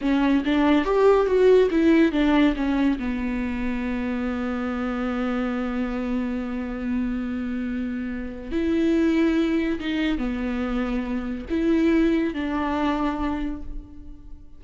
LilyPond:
\new Staff \with { instrumentName = "viola" } { \time 4/4 \tempo 4 = 141 cis'4 d'4 g'4 fis'4 | e'4 d'4 cis'4 b4~ | b1~ | b1~ |
b1 | e'2. dis'4 | b2. e'4~ | e'4 d'2. | }